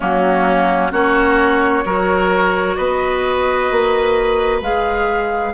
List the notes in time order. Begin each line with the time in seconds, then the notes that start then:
0.00 F#3 A#3 C#4 F#4
0.91 A#3 C#4 F#4 C#5
1.85 F#3 F#4 A#4
2.76 B3 B4 D#5
3.71 A#3
4.61 G#3 G#4 F5